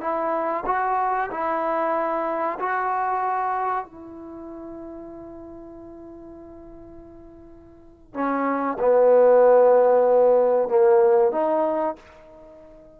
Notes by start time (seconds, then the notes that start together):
0.00 E4
0.66 F#4
1.30 E4
2.59 F#4
3.85 E4
8.14 C#4
8.79 B3
10.68 A#3
11.32 D#4